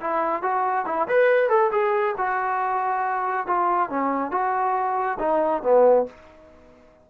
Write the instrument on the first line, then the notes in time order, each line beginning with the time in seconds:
trombone
0.00 E4
0.42 F#4
0.85 E4
1.08 B4
1.49 A4
1.71 G#4
2.17 F#4
3.46 F4
3.89 C#4
4.31 F#4
5.19 D#4
5.62 B3